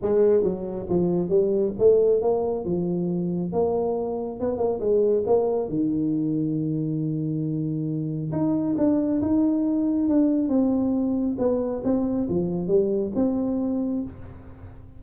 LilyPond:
\new Staff \with { instrumentName = "tuba" } { \time 4/4 \tempo 4 = 137 gis4 fis4 f4 g4 | a4 ais4 f2 | ais2 b8 ais8 gis4 | ais4 dis2.~ |
dis2. dis'4 | d'4 dis'2 d'4 | c'2 b4 c'4 | f4 g4 c'2 | }